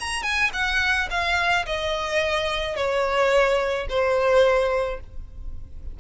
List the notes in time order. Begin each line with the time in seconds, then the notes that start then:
0.00 A#5
0.23 G#5
0.53 F#5
1.10 F5
1.66 D#5
2.76 C#5
3.89 C5